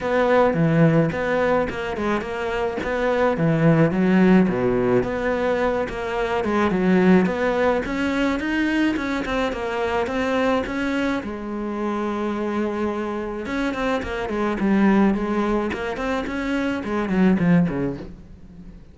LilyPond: \new Staff \with { instrumentName = "cello" } { \time 4/4 \tempo 4 = 107 b4 e4 b4 ais8 gis8 | ais4 b4 e4 fis4 | b,4 b4. ais4 gis8 | fis4 b4 cis'4 dis'4 |
cis'8 c'8 ais4 c'4 cis'4 | gis1 | cis'8 c'8 ais8 gis8 g4 gis4 | ais8 c'8 cis'4 gis8 fis8 f8 cis8 | }